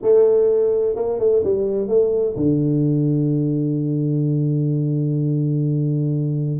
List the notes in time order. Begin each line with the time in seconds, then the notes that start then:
0.02 A3
0.95 A#3
1.19 A3
1.43 G3
1.87 A3
2.36 D3